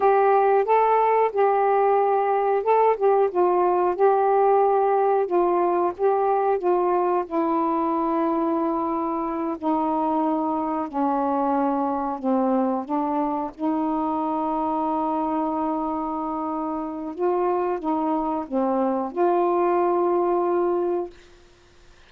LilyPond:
\new Staff \with { instrumentName = "saxophone" } { \time 4/4 \tempo 4 = 91 g'4 a'4 g'2 | a'8 g'8 f'4 g'2 | f'4 g'4 f'4 e'4~ | e'2~ e'8 dis'4.~ |
dis'8 cis'2 c'4 d'8~ | d'8 dis'2.~ dis'8~ | dis'2 f'4 dis'4 | c'4 f'2. | }